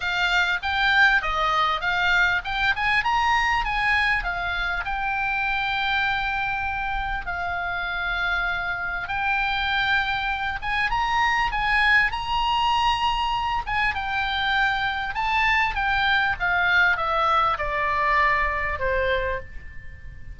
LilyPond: \new Staff \with { instrumentName = "oboe" } { \time 4/4 \tempo 4 = 99 f''4 g''4 dis''4 f''4 | g''8 gis''8 ais''4 gis''4 f''4 | g''1 | f''2. g''4~ |
g''4. gis''8 ais''4 gis''4 | ais''2~ ais''8 gis''8 g''4~ | g''4 a''4 g''4 f''4 | e''4 d''2 c''4 | }